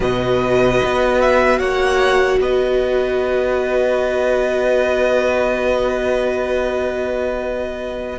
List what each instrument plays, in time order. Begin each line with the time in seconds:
0.00 cello B2, viola F#4, violin B4 D#5
0.84 cello B3
1.20 violin E5
1.58 cello A#3, violin C#5 F#5
2.39 cello B3, violin B4 D#5